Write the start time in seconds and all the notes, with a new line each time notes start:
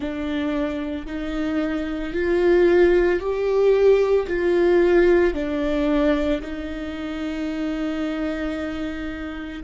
0.00 D4
1.06 D#4
2.13 F4
3.19 G4
4.27 F4
5.33 D4
6.41 D#4